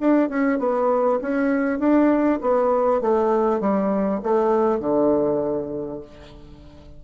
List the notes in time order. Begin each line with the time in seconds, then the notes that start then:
0.00 D4
0.29 C#4
0.59 B3
1.21 C#4
1.79 D4
2.41 B3
3.01 A3
3.60 G3
4.22 A3
4.79 D3